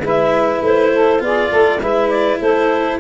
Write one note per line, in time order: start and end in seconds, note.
0.00 0.59 G#3
0.00 1.19 E4
0.00 0.94 B4
0.07 0.64 E5
0.61 1.21 A3
0.61 1.23 C5
0.94 1.23 A4
1.19 1.50 B3
1.19 1.79 F4
1.19 1.50 G#4
1.19 1.82 D5
1.50 1.80 A3
1.50 1.79 A4
1.80 2.40 G#3
1.80 3.00 E4
1.80 2.40 B4
1.80 2.09 E5
2.09 2.39 D5
2.40 3.00 A3
2.40 3.00 A4
2.40 3.00 C5